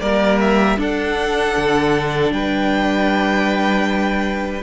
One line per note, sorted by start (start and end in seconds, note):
0.00 0.78 G3
0.00 0.77 A#3
0.00 0.77 A#4
0.00 0.38 D5
0.40 0.78 E5
0.77 4.62 D4
0.77 1.55 D4
0.77 2.33 A4
0.77 2.32 F#5
1.57 2.31 D3
2.31 4.62 G3
2.31 4.62 B4
2.31 4.62 G5